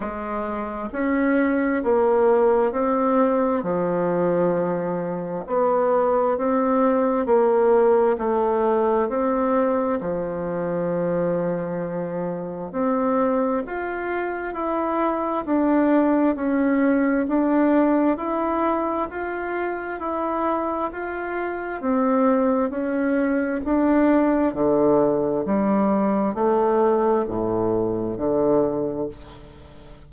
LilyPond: \new Staff \with { instrumentName = "bassoon" } { \time 4/4 \tempo 4 = 66 gis4 cis'4 ais4 c'4 | f2 b4 c'4 | ais4 a4 c'4 f4~ | f2 c'4 f'4 |
e'4 d'4 cis'4 d'4 | e'4 f'4 e'4 f'4 | c'4 cis'4 d'4 d4 | g4 a4 a,4 d4 | }